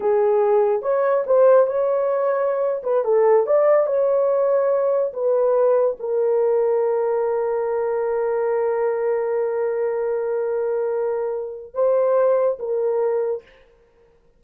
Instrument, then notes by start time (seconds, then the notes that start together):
horn
0.00 G#4
0.82 C#5
1.26 C5
1.66 C#5
2.83 B4
3.04 A4
3.46 D5
3.86 C#5
5.13 B4
5.99 A#4
11.74 C5
12.59 A#4